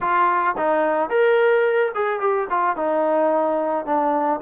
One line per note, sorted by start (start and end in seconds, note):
0.00 0.55 F4
0.57 1.09 D#4
1.09 1.92 A#4
1.94 2.20 G#4
2.20 2.47 G4
2.49 2.76 F4
2.76 3.85 D#4
3.85 4.40 D4